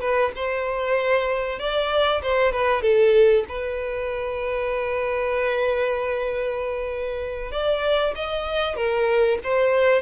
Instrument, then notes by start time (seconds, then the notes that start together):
violin
0.00 B4
0.35 C5
1.59 D5
2.22 C5
2.51 B4
2.82 A4
3.48 B4
7.51 D5
8.15 D#5
8.76 A#4
9.43 C5